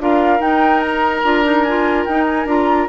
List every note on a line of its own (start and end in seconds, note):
0.00 0.40 D4
0.00 0.39 F4
0.00 2.89 A#4
0.00 0.41 F5
0.39 1.22 D#4
0.39 0.81 G5
0.81 1.63 A#5
1.24 2.06 D4
1.24 1.44 F4
1.44 1.65 D#4
1.63 2.09 F4
1.63 2.04 G#5
2.05 2.46 D#4
2.05 2.47 D#4
2.05 2.26 G5
2.26 2.47 G#5
2.46 2.87 D4
2.46 2.88 F4
2.46 2.89 A#5